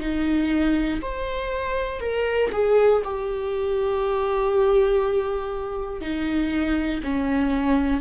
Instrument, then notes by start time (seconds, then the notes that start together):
viola
0.00 D#4
1.02 C5
2.00 A#4
2.52 G#4
3.04 G4
6.01 D#4
7.03 C#4